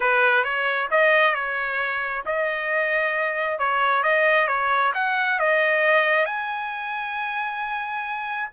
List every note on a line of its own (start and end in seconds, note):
0.00 0.44 B4
0.44 0.88 C#5
0.90 1.34 D#5
1.34 2.24 C#5
2.25 3.58 D#5
3.58 4.03 C#5
4.03 4.47 D#5
4.47 4.92 C#5
4.94 5.39 F#5
5.39 6.25 D#5
6.25 8.49 G#5